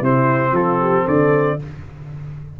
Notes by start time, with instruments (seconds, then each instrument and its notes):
0.00 tuba C3, trombone C4, horn E4, trumpet C5
0.52 tuba F3, horn F4, trumpet A4
0.80 horn G4
1.05 tuba D3, horn A4, trumpet D5